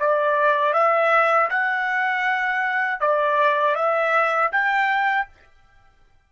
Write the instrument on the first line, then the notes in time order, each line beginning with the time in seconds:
trumpet
0.00 D5
0.74 E5
1.50 F#5
3.01 D5
3.76 E5
4.52 G5